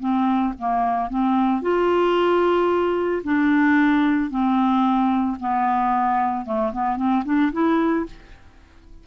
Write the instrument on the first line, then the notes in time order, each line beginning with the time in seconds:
clarinet
0.00 C4
0.58 A#3
1.10 C4
1.62 F4
3.24 D4
4.31 C4
5.40 B3
6.46 A3
6.73 B3
6.97 C4
7.25 D4
7.52 E4